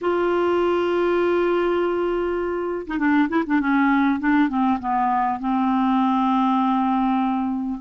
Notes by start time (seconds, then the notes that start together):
0.01 F4
2.86 D#4
2.98 D4
3.28 E4
3.46 D4
3.60 C#4
4.19 D4
4.48 C4
4.79 B3
5.39 C4